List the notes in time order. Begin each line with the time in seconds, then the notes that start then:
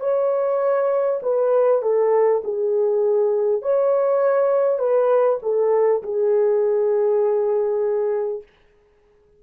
0.00 C#5
1.23 B4
1.83 A4
2.44 G#4
3.63 C#5
4.79 B4
5.43 A4
6.03 G#4